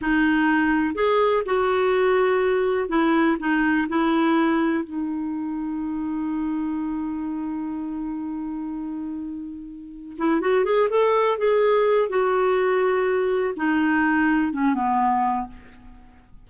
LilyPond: \new Staff \with { instrumentName = "clarinet" } { \time 4/4 \tempo 4 = 124 dis'2 gis'4 fis'4~ | fis'2 e'4 dis'4 | e'2 dis'2~ | dis'1~ |
dis'1~ | dis'4 e'8 fis'8 gis'8 a'4 gis'8~ | gis'4 fis'2. | dis'2 cis'8 b4. | }